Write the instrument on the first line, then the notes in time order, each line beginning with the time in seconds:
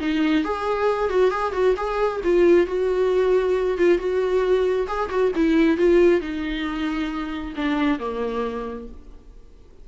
viola
0.00 D#4
0.44 G#4
1.09 F#4
1.31 G#4
1.53 F#4
1.77 G#4
2.24 F4
2.67 F#4
3.78 F4
3.99 F#4
4.88 G#4
5.10 F#4
5.36 E4
5.78 F4
6.21 D#4
7.56 D4
7.99 A#3